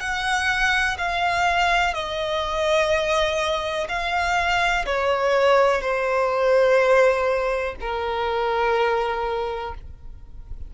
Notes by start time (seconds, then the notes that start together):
0.00 F#5
0.98 F5
1.94 D#5
3.88 F5
4.86 C#5
5.81 C5
7.80 A#4